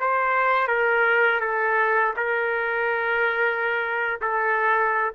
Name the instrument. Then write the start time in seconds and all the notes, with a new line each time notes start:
trumpet
0.00 C5
0.68 A#4
1.40 A4
2.16 A#4
4.21 A4